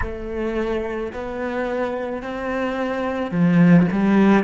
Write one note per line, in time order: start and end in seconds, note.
0.01 1.12 A3
1.12 2.22 B3
2.22 3.31 C4
3.31 3.86 F3
3.91 4.44 G3